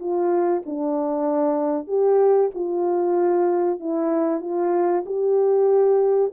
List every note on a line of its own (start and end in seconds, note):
0.00 0.63 F4
0.66 1.88 D4
1.88 2.51 G4
2.55 3.80 F4
3.80 4.42 E4
4.42 5.05 F4
5.06 6.32 G4